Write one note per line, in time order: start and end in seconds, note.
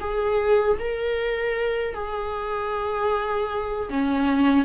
0.00 0.78 G#4
0.79 1.94 A#4
1.94 3.89 G#4
3.90 4.65 C#4